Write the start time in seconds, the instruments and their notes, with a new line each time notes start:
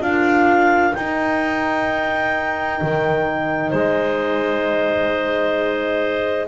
0.00 double bass D4, horn F4, clarinet A#4 F5
0.94 horn D#4, double bass D#4, clarinet G5
2.81 double bass D#3
3.69 double bass G#3, clarinet C5 D#5